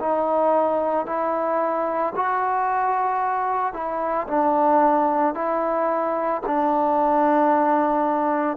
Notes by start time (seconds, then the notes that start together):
0.00 D#4
1.06 E4
2.16 F#4
3.74 E4
4.28 D4
5.35 E4
6.47 D4